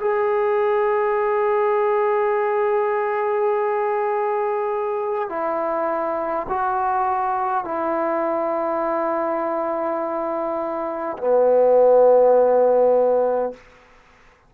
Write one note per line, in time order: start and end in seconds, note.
0.00 5.29 G#4
5.29 6.47 E4
6.49 7.64 F#4
7.64 11.17 E4
11.18 13.53 B3